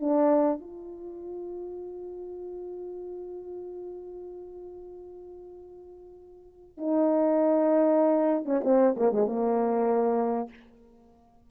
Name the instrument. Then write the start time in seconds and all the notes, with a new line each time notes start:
horn
0.00 D4
0.60 F4
6.78 D#4
8.45 C#4
8.64 C4
8.97 A#3
9.12 G#3
9.26 A#3